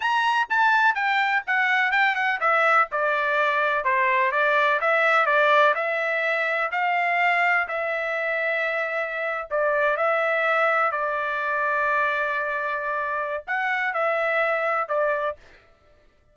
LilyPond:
\new Staff \with { instrumentName = "trumpet" } { \time 4/4 \tempo 4 = 125 ais''4 a''4 g''4 fis''4 | g''8 fis''8 e''4 d''2 | c''4 d''4 e''4 d''4 | e''2 f''2 |
e''2.~ e''8. d''16~ | d''8. e''2 d''4~ d''16~ | d''1 | fis''4 e''2 d''4 | }